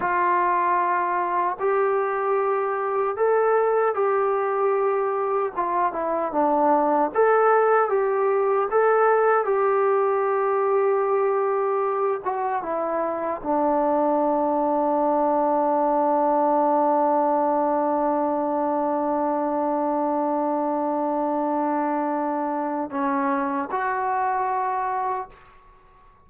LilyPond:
\new Staff \with { instrumentName = "trombone" } { \time 4/4 \tempo 4 = 76 f'2 g'2 | a'4 g'2 f'8 e'8 | d'4 a'4 g'4 a'4 | g'2.~ g'8 fis'8 |
e'4 d'2.~ | d'1~ | d'1~ | d'4 cis'4 fis'2 | }